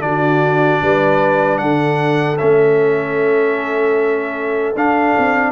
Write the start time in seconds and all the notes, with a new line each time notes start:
0.00 D3 D4 F#4 D5
0.82 G3 B4
1.58 D3 A4 F#5
2.38 A3 C#4 E5
4.75 D4 F5
5.18 C4